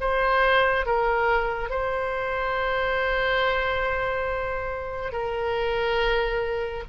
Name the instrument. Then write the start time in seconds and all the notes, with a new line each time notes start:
oboe
0.00 C5
0.86 A#4
1.69 C5
5.12 A#4